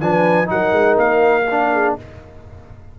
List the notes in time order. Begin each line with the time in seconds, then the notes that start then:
0.00 F3 D4 B4 G#5
0.46 F#3 D#4 A#4 F#5
0.73 G#3
0.98 A#3 F5
1.51 D4
1.73 G#4